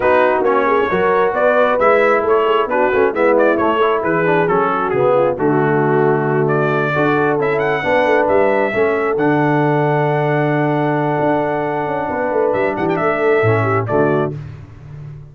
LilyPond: <<
  \new Staff \with { instrumentName = "trumpet" } { \time 4/4 \tempo 4 = 134 b'4 cis''2 d''4 | e''4 cis''4 b'4 e''8 d''8 | cis''4 b'4 a'4 gis'4 | fis'2~ fis'8 d''4.~ |
d''8 e''8 fis''4. e''4.~ | e''8 fis''2.~ fis''8~ | fis''1 | e''8 fis''16 g''16 e''2 d''4 | }
  \new Staff \with { instrumentName = "horn" } { \time 4/4 fis'4. gis'8 ais'4 b'4~ | b'4 a'8 gis'8 fis'4 e'4~ | e'8 a'8 gis'4. fis'4 f'8 | fis'2.~ fis'8 a'8~ |
a'4. b'2 a'8~ | a'1~ | a'2. b'4~ | b'8 g'8 a'4. g'8 fis'4 | }
  \new Staff \with { instrumentName = "trombone" } { \time 4/4 dis'4 cis'4 fis'2 | e'2 d'8 cis'8 b4 | a8 e'4 d'8 cis'4 b4 | a2.~ a8 fis'8~ |
fis'8 e'4 d'2 cis'8~ | cis'8 d'2.~ d'8~ | d'1~ | d'2 cis'4 a4 | }
  \new Staff \with { instrumentName = "tuba" } { \time 4/4 b4 ais4 fis4 b4 | gis4 a4 b8 a8 gis4 | a4 e4 fis4 cis4 | d2.~ d8 d'8~ |
d'8 cis'4 b8 a8 g4 a8~ | a8 d2.~ d8~ | d4 d'4. cis'8 b8 a8 | g8 e8 a4 a,4 d4 | }
>>